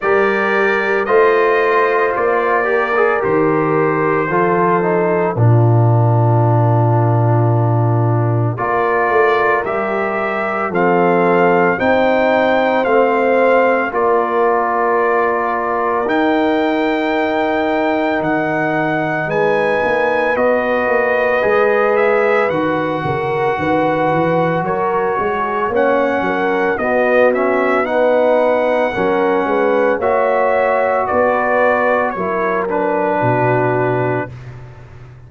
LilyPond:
<<
  \new Staff \with { instrumentName = "trumpet" } { \time 4/4 \tempo 4 = 56 d''4 dis''4 d''4 c''4~ | c''4 ais'2. | d''4 e''4 f''4 g''4 | f''4 d''2 g''4~ |
g''4 fis''4 gis''4 dis''4~ | dis''8 e''8 fis''2 cis''4 | fis''4 dis''8 e''8 fis''2 | e''4 d''4 cis''8 b'4. | }
  \new Staff \with { instrumentName = "horn" } { \time 4/4 ais'4 c''4. ais'4. | a'4 f'2. | ais'2 a'4 c''4~ | c''4 ais'2.~ |
ais'2 b'2~ | b'4. ais'8 b'4 ais'8 gis'8 | cis''8 ais'8 fis'4 b'4 ais'8 b'8 | cis''4 b'4 ais'4 fis'4 | }
  \new Staff \with { instrumentName = "trombone" } { \time 4/4 g'4 f'4. g'16 gis'16 g'4 | f'8 dis'8 d'2. | f'4 g'4 c'4 dis'4 | c'4 f'2 dis'4~ |
dis'2. fis'4 | gis'4 fis'2. | cis'4 b8 cis'8 dis'4 cis'4 | fis'2 e'8 d'4. | }
  \new Staff \with { instrumentName = "tuba" } { \time 4/4 g4 a4 ais4 dis4 | f4 ais,2. | ais8 a8 g4 f4 c'4 | a4 ais2 dis'4~ |
dis'4 dis4 gis8 ais8 b8 ais8 | gis4 dis8 cis8 dis8 e8 fis8 gis8 | ais8 fis8 b2 fis8 gis8 | ais4 b4 fis4 b,4 | }
>>